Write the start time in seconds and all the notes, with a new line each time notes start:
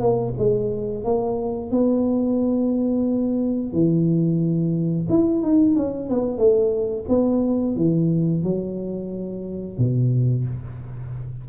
0.00 A#3
0.38 G#3
1.04 A#3
1.71 B3
3.73 E3
5.09 E4
5.42 D#4
5.76 C#4
6.09 B3
6.38 A3
7.09 B3
7.76 E3
8.44 F#3
9.78 B2